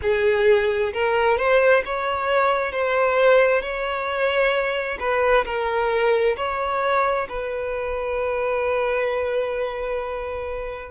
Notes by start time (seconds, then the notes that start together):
0.02 G#4
0.93 A#4
1.37 C5
1.85 C#5
2.72 C5
3.61 C#5
4.99 B4
5.45 A#4
6.36 C#5
7.28 B4